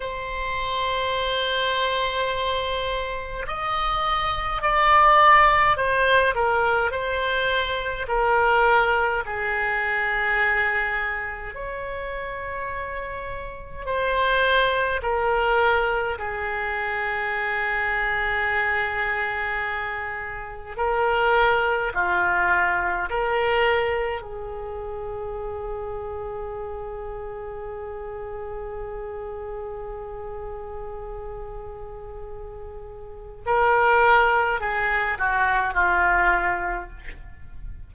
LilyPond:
\new Staff \with { instrumentName = "oboe" } { \time 4/4 \tempo 4 = 52 c''2. dis''4 | d''4 c''8 ais'8 c''4 ais'4 | gis'2 cis''2 | c''4 ais'4 gis'2~ |
gis'2 ais'4 f'4 | ais'4 gis'2.~ | gis'1~ | gis'4 ais'4 gis'8 fis'8 f'4 | }